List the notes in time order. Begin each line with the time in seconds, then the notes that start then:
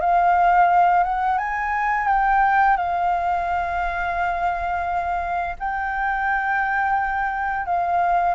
0.00 F5
1.03 F#5
1.38 G#5
2.07 G5
2.77 F5
5.59 G5
7.65 F5